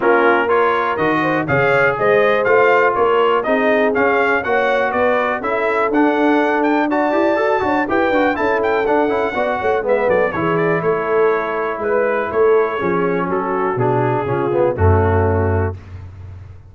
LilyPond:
<<
  \new Staff \with { instrumentName = "trumpet" } { \time 4/4 \tempo 4 = 122 ais'4 cis''4 dis''4 f''4 | dis''4 f''4 cis''4 dis''4 | f''4 fis''4 d''4 e''4 | fis''4. g''8 a''2 |
g''4 a''8 g''8 fis''2 | e''8 d''8 cis''8 d''8 cis''2 | b'4 cis''2 a'4 | gis'2 fis'2 | }
  \new Staff \with { instrumentName = "horn" } { \time 4/4 f'4 ais'4. c''8 cis''4 | c''2 ais'4 gis'4~ | gis'4 cis''4 b'4 a'4~ | a'2 d''4. cis''8 |
b'4 a'2 d''8 cis''8 | b'8 a'8 gis'4 a'2 | b'4 a'4 gis'4 fis'4~ | fis'4 f'4 cis'2 | }
  \new Staff \with { instrumentName = "trombone" } { \time 4/4 cis'4 f'4 fis'4 gis'4~ | gis'4 f'2 dis'4 | cis'4 fis'2 e'4 | d'2 fis'8 g'8 a'8 fis'8 |
g'8 fis'8 e'4 d'8 e'8 fis'4 | b4 e'2.~ | e'2 cis'2 | d'4 cis'8 b8 a2 | }
  \new Staff \with { instrumentName = "tuba" } { \time 4/4 ais2 dis4 cis4 | gis4 a4 ais4 c'4 | cis'4 ais4 b4 cis'4 | d'2~ d'8 e'8 fis'8 d'8 |
e'8 d'8 cis'4 d'8 cis'8 b8 a8 | gis8 fis8 e4 a2 | gis4 a4 f4 fis4 | b,4 cis4 fis,2 | }
>>